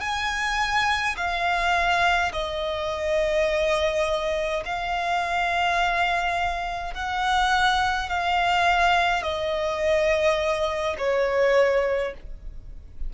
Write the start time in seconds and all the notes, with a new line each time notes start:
0.00 G#5
1.16 F5
2.32 D#5
4.65 F5
6.94 F#5
8.09 F5
9.23 D#5
10.98 C#5